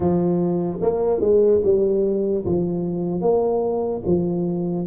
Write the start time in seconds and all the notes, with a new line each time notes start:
0.00 F3
0.81 A#3
1.20 G#3
1.64 G3
2.45 F3
3.21 A#3
4.05 F3